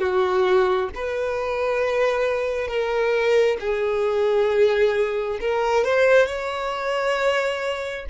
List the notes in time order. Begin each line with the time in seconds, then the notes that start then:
0.00 F#4
0.95 B4
2.68 A#4
3.60 G#4
5.41 A#4
5.85 C5
6.26 C#5